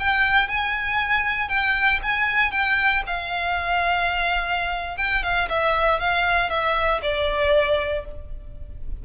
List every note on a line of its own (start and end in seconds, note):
0.00 0.48 G5
0.48 1.49 G#5
1.49 2.00 G5
2.03 2.52 G#5
2.52 3.03 G5
3.07 4.98 F5
4.98 5.23 G5
5.23 5.49 F5
5.50 6.00 E5
6.00 6.50 F5
6.50 7.01 E5
7.03 8.05 D5